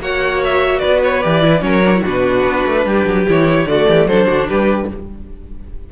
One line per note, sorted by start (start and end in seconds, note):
0.00 0.82 A#3
0.00 1.22 F#4
0.00 0.80 C#5
0.00 0.43 F#5
0.45 0.79 E5
0.79 1.25 B3
0.79 1.61 B4
0.79 1.00 D5
1.04 1.23 C#5
1.22 1.62 E3
1.22 1.42 G4
1.22 1.62 D5
1.42 1.61 E4
1.61 2.02 F#3
1.61 1.81 C#4
1.61 2.02 A#4
1.61 2.03 C#5
1.86 1.96 D4
1.96 2.04 E4
1.96 2.83 F#4
2.04 2.44 B2
2.04 3.27 D4
2.04 3.29 B4
2.44 2.64 B3
2.66 2.86 A3
2.86 3.06 G3
2.86 3.69 G4
3.07 3.27 F#3
3.28 3.66 E3
3.28 3.69 E4
3.28 3.68 C#5
3.66 3.86 D3
3.66 4.09 A3
3.66 3.88 F#4
3.66 4.07 D5
3.88 4.07 E3
3.88 4.08 G4
4.07 4.27 F#3
4.07 4.92 D4
4.07 4.27 A4
4.07 4.48 C5
4.27 4.50 D3
4.27 4.48 F#4
4.49 4.91 G3
4.49 4.89 G4
4.49 4.90 B4